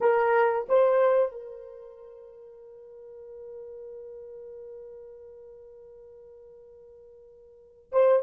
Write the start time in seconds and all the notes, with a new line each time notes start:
0.00 A#4
0.69 C5
1.32 A#4
7.92 C5